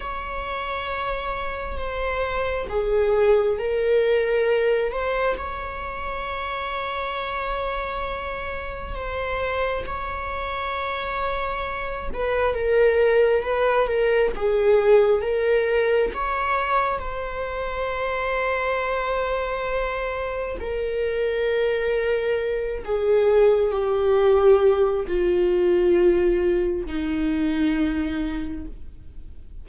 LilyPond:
\new Staff \with { instrumentName = "viola" } { \time 4/4 \tempo 4 = 67 cis''2 c''4 gis'4 | ais'4. c''8 cis''2~ | cis''2 c''4 cis''4~ | cis''4. b'8 ais'4 b'8 ais'8 |
gis'4 ais'4 cis''4 c''4~ | c''2. ais'4~ | ais'4. gis'4 g'4. | f'2 dis'2 | }